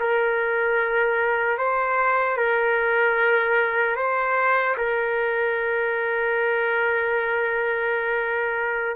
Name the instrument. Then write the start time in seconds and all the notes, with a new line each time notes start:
trumpet
0.00 A#4
1.58 C5
2.37 A#4
3.96 C5
4.77 A#4